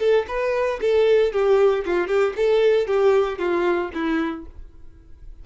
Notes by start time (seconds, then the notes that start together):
0.00 A4
0.28 B4
0.81 A4
1.33 G4
1.86 F4
2.08 G4
2.36 A4
2.87 G4
3.39 F4
3.94 E4